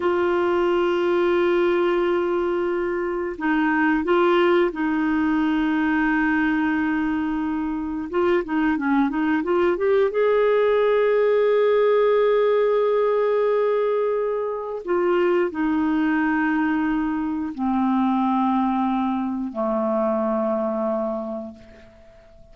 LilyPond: \new Staff \with { instrumentName = "clarinet" } { \time 4/4 \tempo 4 = 89 f'1~ | f'4 dis'4 f'4 dis'4~ | dis'1 | f'8 dis'8 cis'8 dis'8 f'8 g'8 gis'4~ |
gis'1~ | gis'2 f'4 dis'4~ | dis'2 c'2~ | c'4 a2. | }